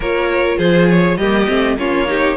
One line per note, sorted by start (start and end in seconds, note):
0.00 0.55 A#3
0.00 1.21 F4
0.00 0.57 A#4
0.00 0.58 C#5
0.57 1.17 F3
0.57 1.17 G#4
0.57 0.88 C5
0.89 1.17 C#5
1.17 1.46 G3
1.17 1.47 A#3
1.17 1.77 G4
1.17 1.76 D#5
1.47 1.77 A3
1.47 1.77 C4
1.77 2.37 A#3
1.77 2.07 C#4
1.77 2.08 F4
1.77 2.37 C#5
2.07 2.37 D#4
2.07 2.37 G4